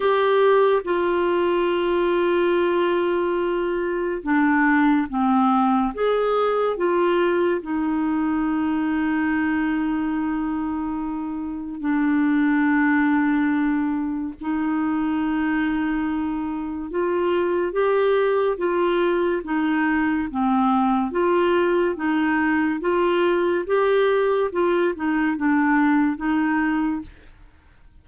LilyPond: \new Staff \with { instrumentName = "clarinet" } { \time 4/4 \tempo 4 = 71 g'4 f'2.~ | f'4 d'4 c'4 gis'4 | f'4 dis'2.~ | dis'2 d'2~ |
d'4 dis'2. | f'4 g'4 f'4 dis'4 | c'4 f'4 dis'4 f'4 | g'4 f'8 dis'8 d'4 dis'4 | }